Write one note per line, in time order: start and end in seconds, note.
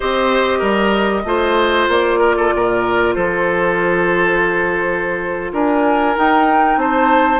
0.00 0.61 C4
0.00 1.24 G4
0.00 0.58 C5
0.00 1.89 D#5
0.58 1.24 G3
0.58 1.21 A#4
1.24 1.87 A3
1.24 6.13 F4
1.24 2.19 C5
1.88 2.51 A#3
1.88 3.14 D5
2.19 2.35 A#4
2.37 2.53 A4
2.54 3.16 A#2
2.54 3.15 A#4
3.14 5.52 F3
3.14 5.52 A4
3.14 5.50 C5
5.52 6.15 D4
5.52 6.79 A#4
5.52 6.17 G#5
6.15 7.39 D#4
6.15 6.76 D#4
6.15 6.79 G5
6.76 7.39 C4
6.76 7.39 C5
6.76 7.39 A5